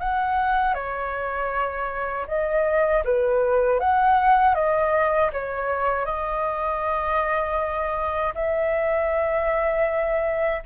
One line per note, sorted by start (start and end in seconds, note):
0.00 0.75 F#5
0.75 2.26 C#5
2.28 3.04 D#5
3.05 3.80 B4
3.80 4.55 F#5
4.55 5.31 D#5
5.33 6.06 C#5
6.06 8.34 D#5
8.35 10.63 E5